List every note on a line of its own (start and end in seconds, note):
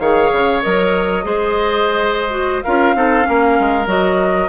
0.00 0.31 D#3
0.00 0.62 G#4
0.00 1.25 C#5
0.00 0.62 F5
0.32 0.63 C#3
0.62 1.25 F#3
0.62 1.24 A#4
0.62 2.63 D#5
1.24 2.64 G#3
1.24 2.30 G#4
1.24 2.65 C5
2.30 2.61 F#4
2.63 2.95 C#4
2.63 2.96 F4
2.63 2.95 A#4
2.63 3.87 F5
2.95 3.26 C4
2.95 3.22 D#4
2.95 3.28 A4
3.22 3.84 C#4
3.28 3.59 A#3
3.28 4.49 A#4
3.60 3.87 G#3
3.87 4.49 F#3
3.87 4.49 F#4
3.87 4.49 D#5